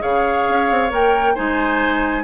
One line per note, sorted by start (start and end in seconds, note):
0.00 0.49 C#3
0.00 0.90 G#4
0.00 1.35 C#5
0.00 0.91 F5
0.49 0.71 C#4
0.71 0.91 C4
0.90 1.36 A#3
0.90 1.35 A#4
0.90 1.36 G5
1.35 2.24 G#3
1.35 2.24 D#4
1.35 2.24 C5
1.35 2.24 G#5